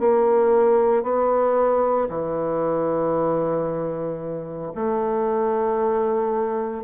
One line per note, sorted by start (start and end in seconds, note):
0.00 1.03 A#3
1.03 2.09 B3
2.10 4.73 E3
4.75 6.84 A3